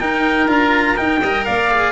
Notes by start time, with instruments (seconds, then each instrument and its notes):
0.00 tuba D#4, cello D#4, oboe A#4, trumpet G5
0.47 tuba D4, cello F4, trumpet A#5
0.97 cello D#4, tuba D#4, trumpet G5
1.21 tuba G3, cello A#4, oboe D#5
1.45 tuba A#3, oboe D5, trumpet F5
1.71 cello G#4